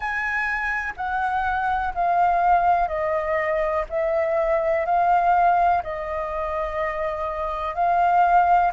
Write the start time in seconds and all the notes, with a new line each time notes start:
0.00 G#5
0.96 F#5
1.94 F5
2.88 D#5
3.89 E5
4.85 F5
5.83 D#5
7.74 F5